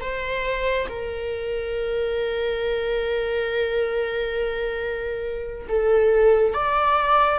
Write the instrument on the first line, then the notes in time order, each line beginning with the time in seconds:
viola
0.00 C5
0.89 A#4
5.68 A4
6.54 D5